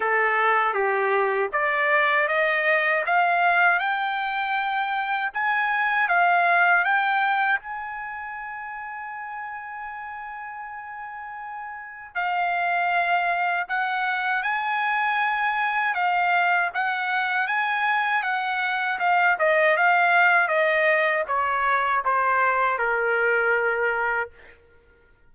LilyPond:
\new Staff \with { instrumentName = "trumpet" } { \time 4/4 \tempo 4 = 79 a'4 g'4 d''4 dis''4 | f''4 g''2 gis''4 | f''4 g''4 gis''2~ | gis''1 |
f''2 fis''4 gis''4~ | gis''4 f''4 fis''4 gis''4 | fis''4 f''8 dis''8 f''4 dis''4 | cis''4 c''4 ais'2 | }